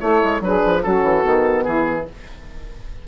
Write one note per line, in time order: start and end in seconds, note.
0.00 0.22 A3
0.00 0.41 E4
0.00 0.43 A4
0.00 0.42 C#5
0.24 0.41 G#3
0.41 0.61 F#3
0.41 0.83 D4
0.41 0.82 G#4
0.41 0.83 B4
0.66 0.86 F3
0.82 1.03 F#3
0.82 1.23 C#4
0.82 1.65 F#4
0.82 1.64 A4
1.03 1.24 E3
1.23 1.66 D#3
1.23 2.05 B3
1.64 2.07 E3
1.64 2.06 E4
1.64 2.05 G#4